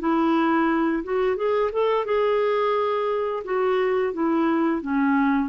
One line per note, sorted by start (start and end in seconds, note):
0.00 1.03 E4
1.04 1.37 F#4
1.37 1.71 G#4
1.72 2.06 A4
2.06 3.44 G#4
3.45 4.13 F#4
4.13 4.82 E4
4.82 5.49 C#4